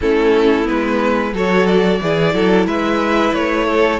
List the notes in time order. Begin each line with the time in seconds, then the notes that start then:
0.01 A3 C#4 E4 A4
0.64 G#3 B3 B4
1.33 F#3 F#4 A4 C#5
1.66 D5
2.01 E3 E4 G#4
2.34 F#3 A4
2.65 G#3 B4 E5
3.33 A3 C#5
3.67 A4